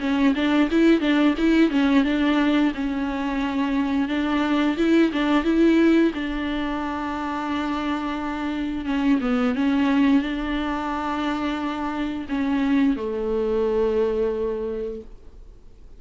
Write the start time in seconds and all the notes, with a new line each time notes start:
0.00 C#4
0.35 D4
0.70 E4
1.00 D4
1.38 E4
1.70 C#4
2.04 D4
2.74 C#4
4.08 D4
4.77 E4
5.12 D4
5.44 E4
6.14 D4
8.85 C#4
9.21 B3
9.55 C#4
10.22 D4
12.29 C#4
12.96 A3